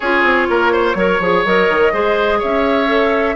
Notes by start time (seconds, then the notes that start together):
0.00 C#4 F4 G#4 C#5
0.23 C4
0.49 A#3 A#4
0.72 C5
0.95 F#3 A#4 C#5
1.19 F3 G#4
1.44 F#3 A#4 D#5
1.69 D#3
1.93 G#3 G#4 C5
2.39 C#4 C#5 E5
2.87 A4